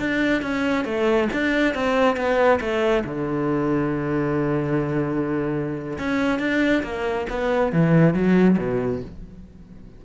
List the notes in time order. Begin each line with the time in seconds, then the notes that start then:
0.00 D4
0.42 C#4
0.85 A3
1.33 D4
1.75 C4
2.17 B3
2.61 A3
3.05 D3
5.99 C#4
6.40 D4
6.84 A#3
7.30 B3
7.73 E3
8.14 F#3
8.58 B2